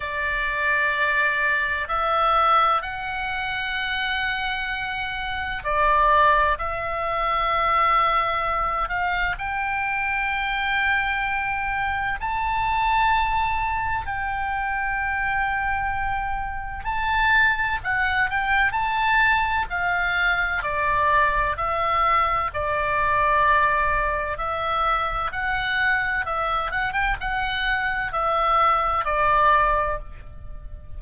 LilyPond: \new Staff \with { instrumentName = "oboe" } { \time 4/4 \tempo 4 = 64 d''2 e''4 fis''4~ | fis''2 d''4 e''4~ | e''4. f''8 g''2~ | g''4 a''2 g''4~ |
g''2 a''4 fis''8 g''8 | a''4 f''4 d''4 e''4 | d''2 e''4 fis''4 | e''8 fis''16 g''16 fis''4 e''4 d''4 | }